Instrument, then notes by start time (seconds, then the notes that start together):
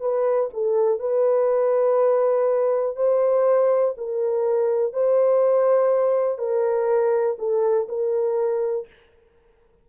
horn
0.00 B4
0.54 A4
1.00 B4
2.96 C5
3.98 A#4
4.93 C5
6.38 A#4
7.39 A4
7.89 A#4